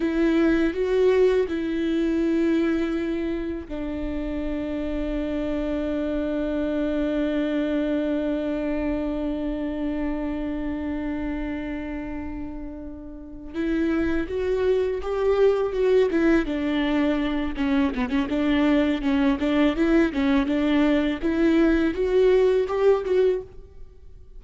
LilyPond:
\new Staff \with { instrumentName = "viola" } { \time 4/4 \tempo 4 = 82 e'4 fis'4 e'2~ | e'4 d'2.~ | d'1~ | d'1~ |
d'2~ d'8 e'4 fis'8~ | fis'8 g'4 fis'8 e'8 d'4. | cis'8 b16 cis'16 d'4 cis'8 d'8 e'8 cis'8 | d'4 e'4 fis'4 g'8 fis'8 | }